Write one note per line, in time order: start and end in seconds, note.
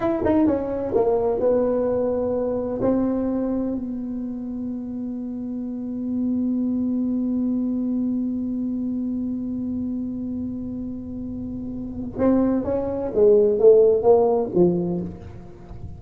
0.00 0.22 E4
0.24 0.46 D#4
0.46 0.93 C#4
0.94 1.39 A#3
1.39 2.80 B3
2.81 3.75 C4
3.75 12.18 B3
12.18 12.63 C4
12.63 13.10 C#4
13.14 13.58 G#3
13.58 14.02 A3
14.02 14.49 A#3
14.54 15.01 F3